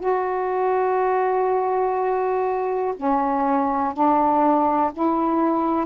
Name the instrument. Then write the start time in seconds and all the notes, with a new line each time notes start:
saxophone
0.00 F#4
2.97 C#4
3.94 D4
4.94 E4